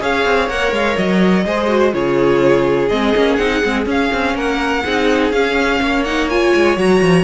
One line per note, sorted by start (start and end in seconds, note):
0.00 0.25 C#4
0.00 0.49 G#4
0.00 1.45 C#5
0.00 0.49 F5
0.25 0.49 C4
0.49 0.71 A#3
0.49 1.45 A#4
0.49 0.73 F#5
0.71 0.96 G#3
0.71 0.97 F5
0.97 1.45 F#3
0.97 1.93 D#5
1.45 1.94 G#3
1.45 1.68 G#4
1.45 1.94 C5
1.68 1.92 F#4
1.93 2.90 C#3
1.93 2.89 F4
1.93 4.35 G#4
1.93 2.89 C#5
2.89 3.14 G#3
2.89 3.15 C4
2.89 3.36 D#5
3.15 3.38 A#3
3.15 3.39 C#4
3.36 3.63 C4
3.36 3.63 D#4
3.36 3.84 F#5
3.64 3.86 G#3
3.64 3.86 C4
3.86 4.82 C#4
3.86 4.10 C#4
3.86 4.37 F5
4.13 4.35 C4
4.35 4.83 A#3
4.35 4.84 A#4
4.35 5.32 F#5
4.84 5.31 C4
4.84 5.33 D#4
4.84 5.81 G#4
5.31 5.80 C#4
5.31 6.06 C#4
5.31 6.04 F5
5.81 6.53 A#3
5.81 7.24 C#5
6.04 6.30 D#4
6.04 6.28 F#5
6.30 6.77 F4
6.30 6.78 G#5
6.55 6.77 G#3
6.77 7.01 F#3
6.77 7.24 F#4
6.77 7.24 A#5
7.01 7.24 F3